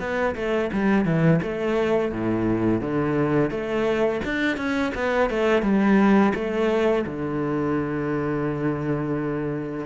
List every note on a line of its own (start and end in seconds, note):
0.00 0.35 B3
0.36 0.71 A3
0.73 1.05 G3
1.05 1.40 E3
1.42 2.12 A3
2.12 2.81 A2
2.81 3.50 D3
3.50 4.21 A3
4.25 4.57 D4
4.57 4.92 C#4
4.94 5.30 B3
5.30 5.62 A3
5.62 6.33 G3
6.35 7.05 A3
7.06 9.86 D3